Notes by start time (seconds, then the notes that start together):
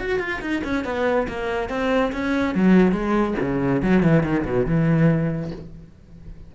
0.00 F#4
0.19 F4
0.41 D#4
0.64 C#4
0.85 B3
1.28 A#3
1.69 C4
2.12 C#4
2.55 F#3
2.92 G#3
3.41 C#3
3.83 F#3
4.03 E3
4.23 D#3
4.45 B2
4.66 E3